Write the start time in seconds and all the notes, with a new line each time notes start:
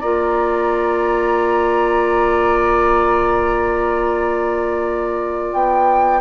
0.00 A#3 F4 D5 A#5
5.54 B3 G5